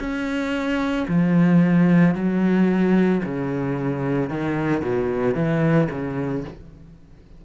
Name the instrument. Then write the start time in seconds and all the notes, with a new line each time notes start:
cello
0.00 C#4
1.09 F3
2.15 F#3
3.25 C#3
4.30 D#3
4.82 B2
5.35 E3
5.91 C#3